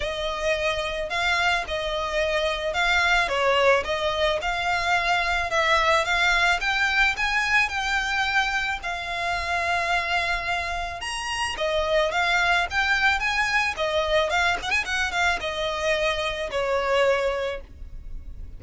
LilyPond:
\new Staff \with { instrumentName = "violin" } { \time 4/4 \tempo 4 = 109 dis''2 f''4 dis''4~ | dis''4 f''4 cis''4 dis''4 | f''2 e''4 f''4 | g''4 gis''4 g''2 |
f''1 | ais''4 dis''4 f''4 g''4 | gis''4 dis''4 f''8 fis''16 gis''16 fis''8 f''8 | dis''2 cis''2 | }